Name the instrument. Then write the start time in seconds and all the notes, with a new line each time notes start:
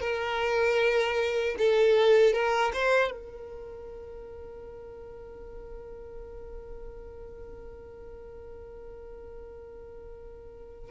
violin
0.00 A#4
1.58 A4
2.33 A#4
2.73 C5
3.11 A#4